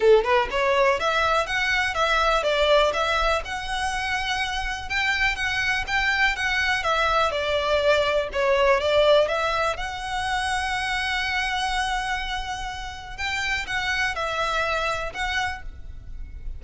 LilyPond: \new Staff \with { instrumentName = "violin" } { \time 4/4 \tempo 4 = 123 a'8 b'8 cis''4 e''4 fis''4 | e''4 d''4 e''4 fis''4~ | fis''2 g''4 fis''4 | g''4 fis''4 e''4 d''4~ |
d''4 cis''4 d''4 e''4 | fis''1~ | fis''2. g''4 | fis''4 e''2 fis''4 | }